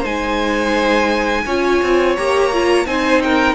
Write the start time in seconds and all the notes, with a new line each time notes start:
0.00 G#3 D#4 C5 G#5
1.45 C#4 F4 C#5
1.82 C4
2.16 A#3 G4 A#5
2.53 F4
2.85 C4 D#4 C5 G#5
3.22 A#4 G5